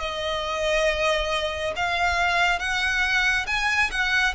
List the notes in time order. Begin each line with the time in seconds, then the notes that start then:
0.00 D#5
1.76 F5
2.59 F#5
3.47 G#5
3.91 F#5